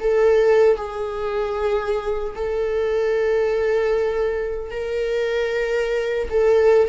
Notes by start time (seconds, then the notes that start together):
0.00 A4
0.76 G#4
2.35 A4
4.70 A#4
6.29 A4